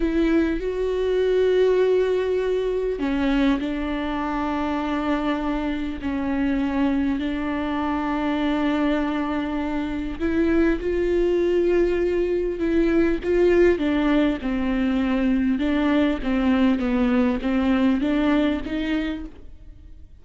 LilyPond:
\new Staff \with { instrumentName = "viola" } { \time 4/4 \tempo 4 = 100 e'4 fis'2.~ | fis'4 cis'4 d'2~ | d'2 cis'2 | d'1~ |
d'4 e'4 f'2~ | f'4 e'4 f'4 d'4 | c'2 d'4 c'4 | b4 c'4 d'4 dis'4 | }